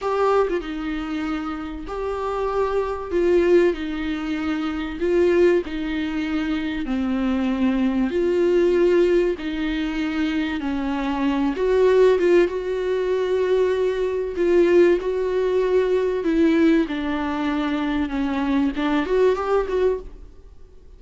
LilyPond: \new Staff \with { instrumentName = "viola" } { \time 4/4 \tempo 4 = 96 g'8. f'16 dis'2 g'4~ | g'4 f'4 dis'2 | f'4 dis'2 c'4~ | c'4 f'2 dis'4~ |
dis'4 cis'4. fis'4 f'8 | fis'2. f'4 | fis'2 e'4 d'4~ | d'4 cis'4 d'8 fis'8 g'8 fis'8 | }